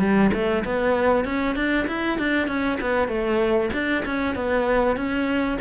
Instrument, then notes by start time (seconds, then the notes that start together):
cello
0.00 G3
0.33 A3
0.65 B3
1.25 C#4
1.56 D4
1.88 E4
2.18 D4
2.48 C#4
2.81 B3
3.08 A3
3.73 D4
4.05 C#4
4.36 B3
4.97 C#4